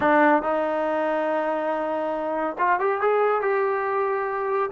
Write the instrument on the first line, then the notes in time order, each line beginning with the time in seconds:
trombone
0.00 D4
0.42 D#4
2.58 F4
2.79 G4
3.01 G#4
3.41 G4